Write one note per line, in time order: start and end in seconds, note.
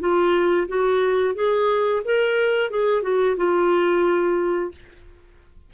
0.00 0.67 F4
0.68 1.35 F#4
1.35 2.02 G#4
2.05 2.70 A#4
2.70 3.02 G#4
3.02 3.36 F#4
3.37 4.72 F4